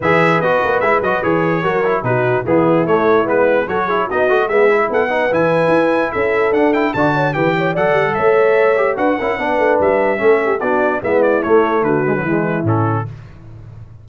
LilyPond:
<<
  \new Staff \with { instrumentName = "trumpet" } { \time 4/4 \tempo 4 = 147 e''4 dis''4 e''8 dis''8 cis''4~ | cis''4 b'4 gis'4 cis''4 | b'4 cis''4 dis''4 e''4 | fis''4 gis''2 e''4 |
fis''8 g''8 a''4 g''4 fis''4 | e''2 fis''2 | e''2 d''4 e''8 d''8 | cis''4 b'2 a'4 | }
  \new Staff \with { instrumentName = "horn" } { \time 4/4 b'1 | ais'4 fis'4 e'2~ | e'4 a'8 gis'8 fis'4 gis'4 | a'8 b'2~ b'8 a'4~ |
a'4 d''8 cis''8 b'8 cis''8 d''4 | cis''2 b'8 ais'8 b'4~ | b'4 a'8 g'8 fis'4 e'4~ | e'4 fis'4 e'2 | }
  \new Staff \with { instrumentName = "trombone" } { \time 4/4 gis'4 fis'4 e'8 fis'8 gis'4 | fis'8 e'8 dis'4 b4 a4 | b4 fis'8 e'8 dis'8 fis'8 b8 e'8~ | e'8 dis'8 e'2. |
d'8 e'8 fis'4 g'4 a'4~ | a'4. g'8 fis'8 e'8 d'4~ | d'4 cis'4 d'4 b4 | a4. gis16 fis16 gis4 cis'4 | }
  \new Staff \with { instrumentName = "tuba" } { \time 4/4 e4 b8 ais8 gis8 fis8 e4 | fis4 b,4 e4 a4 | gis4 fis4 b8 a8 gis4 | b4 e4 e'4 cis'4 |
d'4 d4 e4 fis8 g8 | a2 d'8 cis'8 b8 a8 | g4 a4 b4 gis4 | a4 d4 e4 a,4 | }
>>